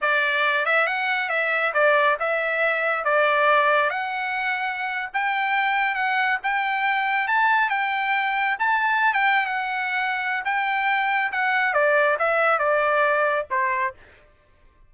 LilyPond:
\new Staff \with { instrumentName = "trumpet" } { \time 4/4 \tempo 4 = 138 d''4. e''8 fis''4 e''4 | d''4 e''2 d''4~ | d''4 fis''2~ fis''8. g''16~ | g''4.~ g''16 fis''4 g''4~ g''16~ |
g''8. a''4 g''2 a''16~ | a''4 g''8. fis''2~ fis''16 | g''2 fis''4 d''4 | e''4 d''2 c''4 | }